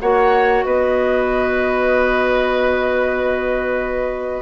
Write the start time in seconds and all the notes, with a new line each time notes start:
0.00 A#3 F#4 C#5 F#5
0.63 B3 B4 D#5